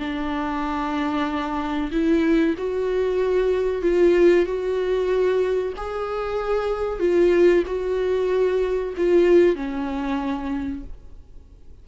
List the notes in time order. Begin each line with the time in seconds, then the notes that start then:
0.00 D4
1.92 E4
2.58 F#4
3.82 F4
4.46 F#4
5.77 G#4
7.00 F4
7.67 F#4
8.97 F4
9.56 C#4